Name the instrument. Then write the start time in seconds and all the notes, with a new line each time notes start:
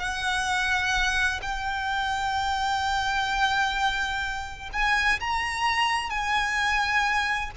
violin
0.00 F#5
1.42 G5
4.73 G#5
5.21 A#5
6.11 G#5